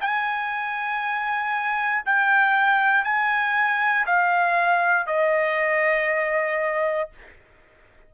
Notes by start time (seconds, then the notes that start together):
0.00 G#5
2.05 G5
3.04 G#5
4.06 F5
5.06 D#5